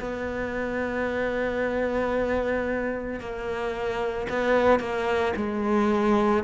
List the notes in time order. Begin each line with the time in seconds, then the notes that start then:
0.00 B3
3.20 A#3
4.29 B3
4.80 A#3
5.36 G#3